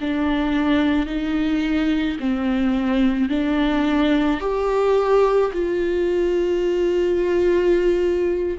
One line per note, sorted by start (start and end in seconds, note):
0.00 1.06 D4
1.06 2.17 D#4
2.19 3.29 C4
3.29 4.40 D4
4.40 5.51 G4
5.53 8.58 F4